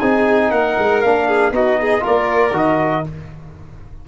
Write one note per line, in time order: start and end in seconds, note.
0.00 0.51 C4
0.00 1.04 D#4
0.00 0.51 G#4
0.00 0.51 G#5
0.51 0.76 A#3
0.51 1.28 A#4
0.51 1.01 F#5
0.78 1.03 G#3
1.01 1.51 A#3
1.01 1.52 D4
1.01 1.52 F5
1.28 1.53 G#4
1.51 2.02 B3
1.51 2.00 D#4
1.51 1.80 F#4
1.51 2.06 D#5
1.81 2.04 G#4
2.00 2.52 A#3
2.00 2.51 F4
2.00 3.06 A#4
2.06 2.57 D5
2.52 3.03 D#3
2.52 3.04 F#4
2.52 3.08 D#5